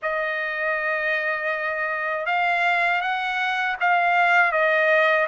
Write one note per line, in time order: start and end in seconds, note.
0.02 2.26 D#5
2.26 3.01 F5
3.01 3.76 F#5
3.80 4.52 F5
4.52 5.27 D#5